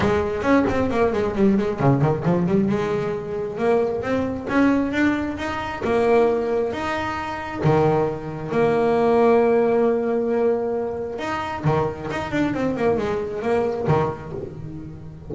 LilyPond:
\new Staff \with { instrumentName = "double bass" } { \time 4/4 \tempo 4 = 134 gis4 cis'8 c'8 ais8 gis8 g8 gis8 | cis8 dis8 f8 g8 gis2 | ais4 c'4 cis'4 d'4 | dis'4 ais2 dis'4~ |
dis'4 dis2 ais4~ | ais1~ | ais4 dis'4 dis4 dis'8 d'8 | c'8 ais8 gis4 ais4 dis4 | }